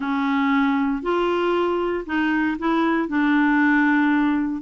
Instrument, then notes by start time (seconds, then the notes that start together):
clarinet
0.00 C#4
1.02 F4
2.05 D#4
2.59 E4
3.08 D4